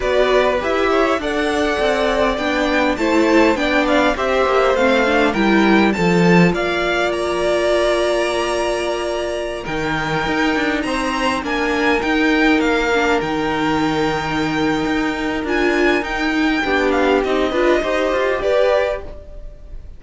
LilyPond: <<
  \new Staff \with { instrumentName = "violin" } { \time 4/4 \tempo 4 = 101 d''4 e''4 fis''2 | g''4 a''4 g''8 f''8 e''4 | f''4 g''4 a''4 f''4 | ais''1~ |
ais''16 g''2 ais''4 gis''8.~ | gis''16 g''4 f''4 g''4.~ g''16~ | g''2 gis''4 g''4~ | g''8 f''8 dis''2 d''4 | }
  \new Staff \with { instrumentName = "violin" } { \time 4/4 b'4. cis''8 d''2~ | d''4 c''4 d''4 c''4~ | c''4 ais'4 a'4 d''4~ | d''1~ |
d''16 ais'2 c''4 ais'8.~ | ais'1~ | ais'1 | g'4. b'8 c''4 b'4 | }
  \new Staff \with { instrumentName = "viola" } { \time 4/4 fis'4 g'4 a'2 | d'4 e'4 d'4 g'4 | c'8 d'8 e'4 f'2~ | f'1~ |
f'16 dis'2. d'8.~ | d'16 dis'4. d'8 dis'4.~ dis'16~ | dis'2 f'4 dis'4 | d'4 dis'8 f'8 g'2 | }
  \new Staff \with { instrumentName = "cello" } { \time 4/4 b4 e'4 d'4 c'4 | b4 a4 b4 c'8 ais8 | a4 g4 f4 ais4~ | ais1~ |
ais16 dis4 dis'8 d'8 c'4 ais8.~ | ais16 dis'4 ais4 dis4.~ dis16~ | dis4 dis'4 d'4 dis'4 | b4 c'8 d'8 dis'8 f'8 g'4 | }
>>